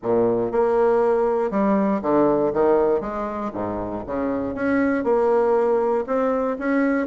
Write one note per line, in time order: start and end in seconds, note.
0.03 0.51 A#2
0.51 1.51 A#3
1.51 2.01 G3
2.02 2.52 D3
2.53 3.00 D#3
3.00 3.51 G#3
3.53 4.04 G#2
4.06 4.54 C#3
4.54 5.04 C#4
5.04 6.04 A#3
6.06 6.57 C4
6.58 7.07 C#4